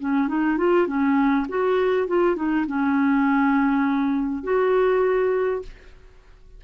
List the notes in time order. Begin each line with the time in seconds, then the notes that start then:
0.00 C#4
0.28 D#4
0.58 F4
0.87 C#4
1.49 F#4
2.08 F4
2.36 D#4
2.67 C#4
4.44 F#4